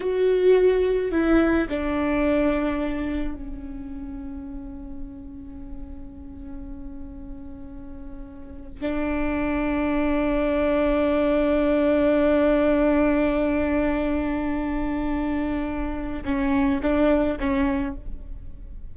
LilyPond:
\new Staff \with { instrumentName = "viola" } { \time 4/4 \tempo 4 = 107 fis'2 e'4 d'4~ | d'2 cis'2~ | cis'1~ | cis'2.~ cis'8. d'16~ |
d'1~ | d'1~ | d'1~ | d'4 cis'4 d'4 cis'4 | }